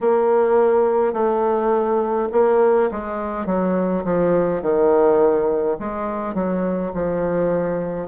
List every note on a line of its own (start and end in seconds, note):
0.00 1.13 A#3
1.13 2.28 A3
2.32 2.90 A#3
2.91 3.46 G#3
3.46 4.03 F#3
4.04 4.62 F3
4.62 5.77 D#3
5.79 6.34 G#3
6.34 6.92 F#3
6.94 8.08 F3